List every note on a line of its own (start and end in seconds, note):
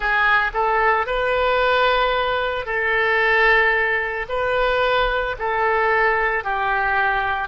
0.00 0.51 G#4
0.54 1.06 A4
1.06 2.65 B4
2.65 4.26 A4
4.29 5.36 B4
5.39 6.43 A4
6.43 7.48 G4